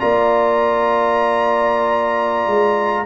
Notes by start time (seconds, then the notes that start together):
0.00 A#3 F4 D5 A#5
2.47 G#3